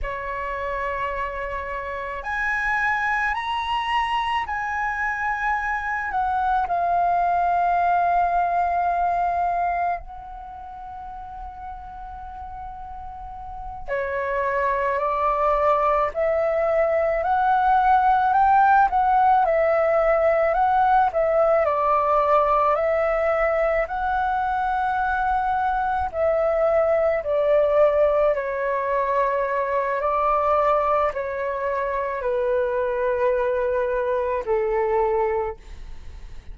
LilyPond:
\new Staff \with { instrumentName = "flute" } { \time 4/4 \tempo 4 = 54 cis''2 gis''4 ais''4 | gis''4. fis''8 f''2~ | f''4 fis''2.~ | fis''8 cis''4 d''4 e''4 fis''8~ |
fis''8 g''8 fis''8 e''4 fis''8 e''8 d''8~ | d''8 e''4 fis''2 e''8~ | e''8 d''4 cis''4. d''4 | cis''4 b'2 a'4 | }